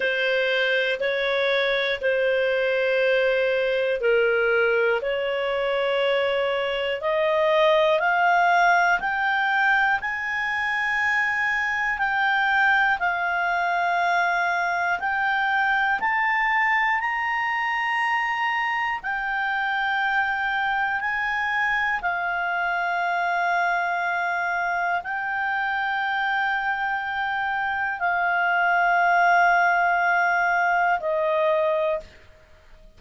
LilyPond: \new Staff \with { instrumentName = "clarinet" } { \time 4/4 \tempo 4 = 60 c''4 cis''4 c''2 | ais'4 cis''2 dis''4 | f''4 g''4 gis''2 | g''4 f''2 g''4 |
a''4 ais''2 g''4~ | g''4 gis''4 f''2~ | f''4 g''2. | f''2. dis''4 | }